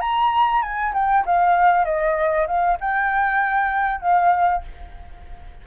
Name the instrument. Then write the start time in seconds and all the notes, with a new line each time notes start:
flute
0.00 A#5
0.62 G#5
0.93 G5
1.25 F5
1.85 D#5
2.47 F5
2.80 G5
4.00 F5